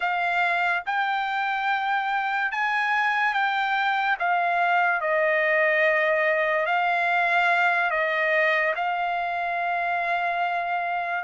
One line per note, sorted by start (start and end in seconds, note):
0.00 0.83 F5
0.86 2.52 G5
2.52 3.33 G#5
3.33 4.17 G5
4.19 5.00 F5
5.00 6.66 D#5
6.66 7.90 F5
7.90 8.73 D#5
8.75 11.24 F5